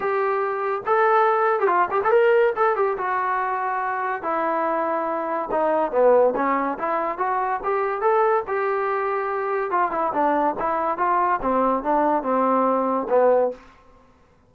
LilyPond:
\new Staff \with { instrumentName = "trombone" } { \time 4/4 \tempo 4 = 142 g'2 a'4.~ a'16 g'16 | f'8 g'16 a'16 ais'4 a'8 g'8 fis'4~ | fis'2 e'2~ | e'4 dis'4 b4 cis'4 |
e'4 fis'4 g'4 a'4 | g'2. f'8 e'8 | d'4 e'4 f'4 c'4 | d'4 c'2 b4 | }